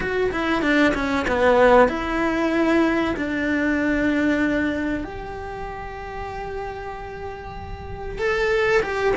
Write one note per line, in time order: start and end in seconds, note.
0.00 0.30 F#4
0.31 0.62 E4
0.62 0.93 D4
0.94 1.26 C#4
1.27 1.88 B3
1.88 3.14 E4
3.16 5.04 D4
5.04 8.18 G4
8.18 8.81 A4
8.82 9.14 G4